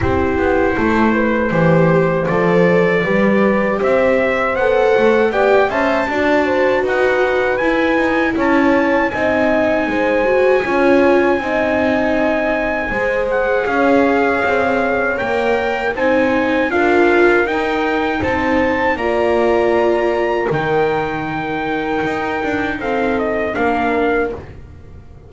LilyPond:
<<
  \new Staff \with { instrumentName = "trumpet" } { \time 4/4 \tempo 4 = 79 c''2. d''4~ | d''4 e''4 fis''4 g''8 a''8~ | a''4 fis''4 gis''4 a''4 | gis''1~ |
gis''4. fis''8 f''2 | g''4 gis''4 f''4 g''4 | a''4 ais''2 g''4~ | g''2 f''8 dis''8 f''4 | }
  \new Staff \with { instrumentName = "horn" } { \time 4/4 g'4 a'8 b'8 c''2 | b'4 c''2 d''8 e''8 | d''8 c''8 b'2 cis''4 | dis''4 c''4 cis''4 dis''4~ |
dis''4 c''4 cis''2~ | cis''4 c''4 ais'2 | c''4 d''2 ais'4~ | ais'2 a'4 ais'4 | }
  \new Staff \with { instrumentName = "viola" } { \time 4/4 e'2 g'4 a'4 | g'2 a'4 g'8 c''8 | fis'2 e'2 | dis'4. fis'8 f'4 dis'4~ |
dis'4 gis'2. | ais'4 dis'4 f'4 dis'4~ | dis'4 f'2 dis'4~ | dis'2. d'4 | }
  \new Staff \with { instrumentName = "double bass" } { \time 4/4 c'8 b8 a4 e4 f4 | g4 c'4 b8 a8 b8 cis'8 | d'4 dis'4 e'8 dis'8 cis'4 | c'4 gis4 cis'4 c'4~ |
c'4 gis4 cis'4 c'4 | ais4 c'4 d'4 dis'4 | c'4 ais2 dis4~ | dis4 dis'8 d'8 c'4 ais4 | }
>>